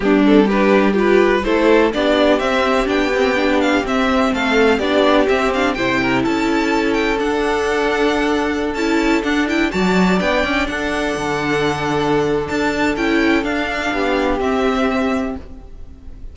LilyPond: <<
  \new Staff \with { instrumentName = "violin" } { \time 4/4 \tempo 4 = 125 g'8 a'8 b'4 g'4 c''4 | d''4 e''4 g''4. f''8 | e''4 f''4 d''4 e''8 f''8 | g''4 a''4. g''8 fis''4~ |
fis''2~ fis''16 a''4 fis''8 g''16~ | g''16 a''4 g''4 fis''4.~ fis''16~ | fis''2 a''4 g''4 | f''2 e''2 | }
  \new Staff \with { instrumentName = "violin" } { \time 4/4 d'4 g'4 b'4 a'4 | g'1~ | g'4 a'4 g'2 | c''8 ais'8 a'2.~ |
a'1~ | a'16 d''2 a'4.~ a'16~ | a'1~ | a'4 g'2. | }
  \new Staff \with { instrumentName = "viola" } { \time 4/4 b8 c'8 d'4 f'4 e'4 | d'4 c'4 d'8 c'8 d'4 | c'2 d'4 c'8 d'8 | e'2. d'4~ |
d'2~ d'16 e'4 d'8 e'16~ | e'16 fis'4 d'2~ d'8.~ | d'2. e'4 | d'2 c'2 | }
  \new Staff \with { instrumentName = "cello" } { \time 4/4 g2. a4 | b4 c'4 b2 | c'4 a4 b4 c'4 | c4 cis'2 d'4~ |
d'2~ d'16 cis'4 d'8.~ | d'16 fis4 b8 cis'8 d'4 d8.~ | d2 d'4 cis'4 | d'4 b4 c'2 | }
>>